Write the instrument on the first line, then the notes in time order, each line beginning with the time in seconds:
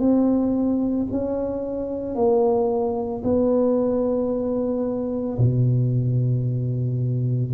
tuba
0.00 C4
1.12 C#4
2.16 A#3
3.24 B3
5.39 B2